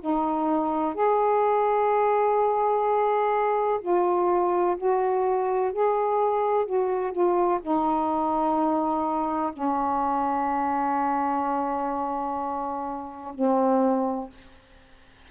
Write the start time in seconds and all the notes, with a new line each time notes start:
0.00 D#4
0.94 G#4
3.81 F4
4.77 F#4
5.72 G#4
6.65 F#4
7.12 F4
7.61 D#4
9.52 C#4
13.34 C4